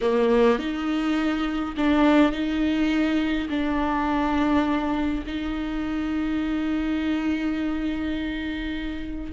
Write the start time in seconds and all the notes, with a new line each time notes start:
0.01 A#3
0.58 D#4
1.77 D4
2.32 D#4
3.50 D4
5.26 D#4